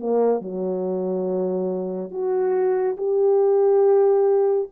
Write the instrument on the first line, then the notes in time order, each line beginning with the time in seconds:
horn
0.00 A#3
0.41 F#3
2.11 F#4
2.98 G4